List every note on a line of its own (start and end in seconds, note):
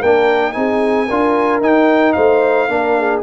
0.00 0.55 A#3
0.00 0.53 D4
0.00 0.54 A#4
0.00 0.52 G5
0.52 1.09 C4
0.52 1.06 D#4
0.52 1.08 G#4
0.52 1.59 G#5
1.08 1.60 D4
1.08 1.62 F4
1.08 2.14 A#4
1.60 2.14 D#4
1.60 2.68 D#4
1.60 2.12 G5
2.12 2.68 A3
2.12 2.68 C5
2.12 3.20 F5
2.68 3.22 A#3
2.68 3.22 D4
2.68 2.99 A#4
2.99 3.23 G#4